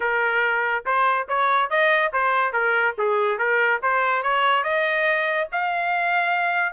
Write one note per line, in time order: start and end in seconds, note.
0.00 0.84 A#4
0.85 1.27 C5
1.28 1.70 C#5
1.70 2.12 D#5
2.12 2.53 C5
2.53 2.95 A#4
2.98 3.38 G#4
3.38 3.80 A#4
3.82 4.22 C5
4.22 4.63 C#5
4.63 5.48 D#5
5.52 6.73 F5